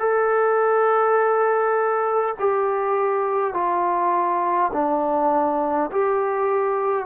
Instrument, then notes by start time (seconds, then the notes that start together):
trombone
0.00 A4
2.40 G4
3.54 F4
4.73 D4
5.92 G4